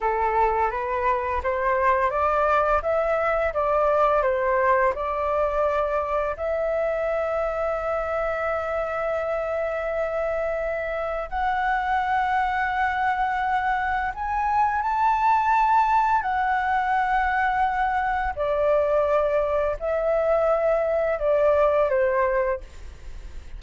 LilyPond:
\new Staff \with { instrumentName = "flute" } { \time 4/4 \tempo 4 = 85 a'4 b'4 c''4 d''4 | e''4 d''4 c''4 d''4~ | d''4 e''2.~ | e''1 |
fis''1 | gis''4 a''2 fis''4~ | fis''2 d''2 | e''2 d''4 c''4 | }